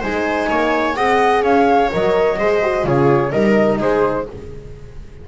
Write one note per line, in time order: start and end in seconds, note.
0.00 0.50 G#3
0.00 0.96 D#4
0.00 0.47 C5
0.00 0.95 G#5
0.50 0.97 A#3
0.50 0.97 C#5
0.95 1.42 C4
0.95 1.90 G#4
0.95 1.43 D#5
0.95 1.43 F#5
1.42 1.89 C#4
1.42 2.37 C#5
1.42 1.92 F5
1.92 2.39 F#3
1.92 2.39 A#4
1.92 2.86 D#5
2.39 2.85 G#3
2.39 2.63 G#4
2.39 2.86 C5
2.63 2.83 F#4
2.83 3.32 C#3
2.83 3.31 F4
2.83 3.32 G#4
2.83 3.32 C#5
3.32 3.80 G3
3.32 4.27 D#4
3.32 3.79 A#4
3.32 3.79 D#5
3.79 4.28 G#3
3.79 4.26 G#4
3.79 4.28 C5